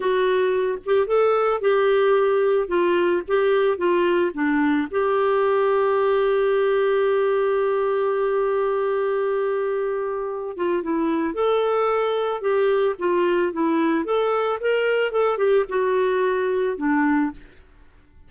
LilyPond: \new Staff \with { instrumentName = "clarinet" } { \time 4/4 \tempo 4 = 111 fis'4. g'8 a'4 g'4~ | g'4 f'4 g'4 f'4 | d'4 g'2.~ | g'1~ |
g'2.~ g'8 f'8 | e'4 a'2 g'4 | f'4 e'4 a'4 ais'4 | a'8 g'8 fis'2 d'4 | }